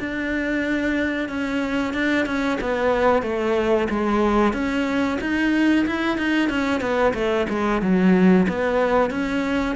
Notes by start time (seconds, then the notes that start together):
0.00 D4
1.29 C#4
1.94 D4
2.26 C#4
2.61 B3
3.23 A3
3.90 G#3
4.53 C#4
5.21 D#4
5.87 E4
6.17 D#4
6.50 C#4
6.81 B3
7.14 A3
7.49 G#3
7.82 F#3
8.48 B3
9.10 C#4